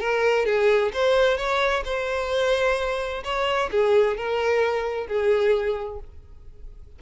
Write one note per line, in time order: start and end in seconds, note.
0.00 0.46 A#4
0.46 0.92 G#4
0.94 1.37 C5
1.37 1.84 C#5
1.85 3.23 C5
3.24 3.70 C#5
3.71 4.17 G#4
4.17 5.07 A#4
5.07 6.00 G#4